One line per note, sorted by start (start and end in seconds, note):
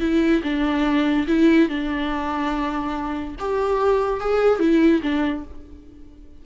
0.00 0.42 E4
0.43 1.26 D4
1.27 1.69 E4
1.69 3.36 D4
3.39 4.20 G4
4.20 4.59 G#4
4.59 5.01 E4
5.02 5.44 D4